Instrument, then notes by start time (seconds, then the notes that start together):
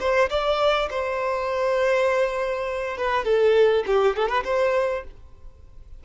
violin
0.00 C5
0.30 D5
0.90 C5
2.98 B4
3.25 A4
3.87 G4
4.17 A4
4.29 B4
4.45 C5